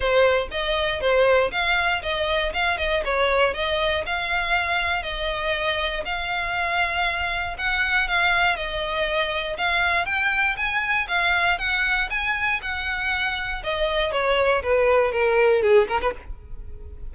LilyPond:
\new Staff \with { instrumentName = "violin" } { \time 4/4 \tempo 4 = 119 c''4 dis''4 c''4 f''4 | dis''4 f''8 dis''8 cis''4 dis''4 | f''2 dis''2 | f''2. fis''4 |
f''4 dis''2 f''4 | g''4 gis''4 f''4 fis''4 | gis''4 fis''2 dis''4 | cis''4 b'4 ais'4 gis'8 ais'16 b'16 | }